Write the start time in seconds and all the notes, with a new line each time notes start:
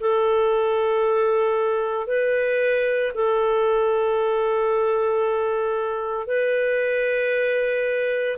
0.00 A4
2.07 B4
3.14 A4
6.26 B4